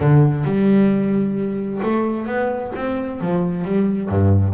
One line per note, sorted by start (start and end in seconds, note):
0.00 0.44 D3
0.44 1.80 G3
1.82 2.26 A3
2.26 2.72 B3
2.75 3.21 C4
3.21 3.64 F3
3.64 4.09 G3
4.09 4.54 G2